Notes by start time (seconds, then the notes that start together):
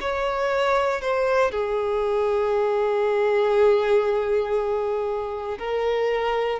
0.00 C#5
1.01 C5
1.51 G#4
5.58 A#4